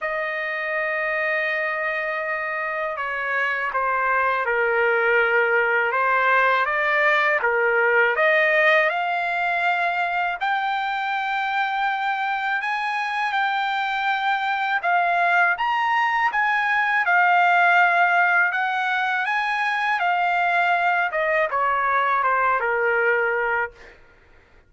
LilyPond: \new Staff \with { instrumentName = "trumpet" } { \time 4/4 \tempo 4 = 81 dis''1 | cis''4 c''4 ais'2 | c''4 d''4 ais'4 dis''4 | f''2 g''2~ |
g''4 gis''4 g''2 | f''4 ais''4 gis''4 f''4~ | f''4 fis''4 gis''4 f''4~ | f''8 dis''8 cis''4 c''8 ais'4. | }